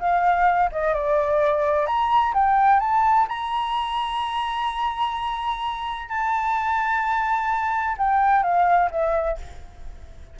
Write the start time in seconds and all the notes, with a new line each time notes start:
0.00 F5
0.72 D#5
0.94 D5
1.87 A#5
2.34 G5
2.81 A5
3.29 A#5
6.09 A5
7.98 G5
8.44 F5
8.91 E5